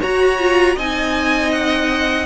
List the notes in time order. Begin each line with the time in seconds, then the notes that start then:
0.00 F#4 C#5 A#5
0.39 F4
0.75 C4 D#4 D#5 G#5
1.52 F#5